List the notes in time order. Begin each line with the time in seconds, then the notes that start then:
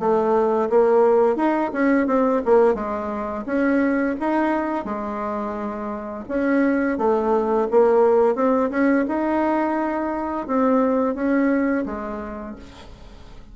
0.00 A3
0.70 A#3
1.37 D#4
1.73 C#4
2.07 C4
2.46 A#3
2.75 G#3
3.47 C#4
4.21 D#4
4.86 G#3
6.29 C#4
6.98 A3
7.71 A#3
8.36 C4
8.71 C#4
9.09 D#4
10.48 C4
11.15 C#4
11.86 G#3